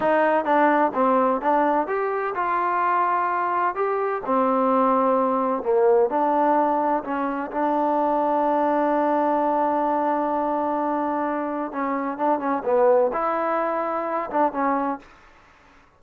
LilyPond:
\new Staff \with { instrumentName = "trombone" } { \time 4/4 \tempo 4 = 128 dis'4 d'4 c'4 d'4 | g'4 f'2. | g'4 c'2. | ais4 d'2 cis'4 |
d'1~ | d'1~ | d'4 cis'4 d'8 cis'8 b4 | e'2~ e'8 d'8 cis'4 | }